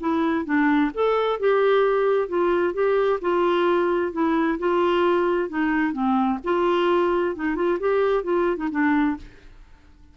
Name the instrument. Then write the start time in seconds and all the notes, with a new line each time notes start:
clarinet
0.00 E4
0.46 D4
0.94 A4
1.40 G4
2.29 F4
2.74 G4
3.22 F4
4.13 E4
4.59 F4
5.49 D#4
5.93 C4
6.44 F4
7.36 D#4
7.56 F4
7.80 G4
8.24 F4
8.57 D#4
8.71 D4